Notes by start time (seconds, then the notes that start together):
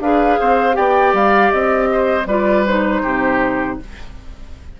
0.00 D4 G#4 B4 F5
0.39 C4 C5
0.72 B3 G4 D5 G5
1.13 G3 F5
1.51 C4 D#5
1.92 C5
2.26 G3 F4 B4 D5
2.66 D#4 C5
3.03 C3 G4